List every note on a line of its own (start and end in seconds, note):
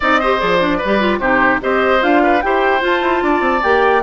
0.00 0.41 C4
0.00 0.21 D#4
0.00 0.20 D5
0.00 0.40 D#5
0.20 0.38 G4
0.20 0.77 C5
0.38 0.82 F3
0.38 0.58 G#4
0.38 1.19 D5
0.59 0.79 D4
0.77 1.17 B4
0.84 1.19 G3
0.84 1.00 G4
1.00 1.20 F4
1.19 1.59 C3
1.19 1.60 D#4
1.19 1.60 G4
1.19 1.60 C5
1.60 2.03 C4
1.60 2.00 G4
1.60 2.22 C5
1.60 2.02 D#5
2.00 2.43 D4
2.00 2.40 F4
2.00 2.41 F5
2.22 2.43 B4
2.41 2.82 E4
2.41 2.80 G4
2.41 3.24 C5
2.41 2.81 G5
2.80 3.60 F4
2.80 3.01 F4
2.80 3.62 A5
3.01 3.21 E4
3.22 3.40 D4
3.22 4.02 D5
3.40 3.60 C4
3.62 4.02 A#3
3.62 4.02 G4
3.62 4.02 G5